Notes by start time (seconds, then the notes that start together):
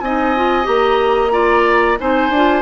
0.00 C4 D#4 D#5 G#5
0.36 F4
0.63 A#3 G4 A#5
1.32 F4 D5
1.99 C4 D#4 C5 G#5
2.29 D4 F4